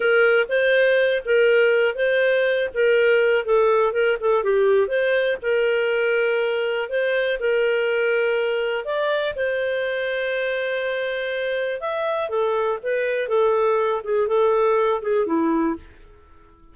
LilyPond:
\new Staff \with { instrumentName = "clarinet" } { \time 4/4 \tempo 4 = 122 ais'4 c''4. ais'4. | c''4. ais'4. a'4 | ais'8 a'8 g'4 c''4 ais'4~ | ais'2 c''4 ais'4~ |
ais'2 d''4 c''4~ | c''1 | e''4 a'4 b'4 a'4~ | a'8 gis'8 a'4. gis'8 e'4 | }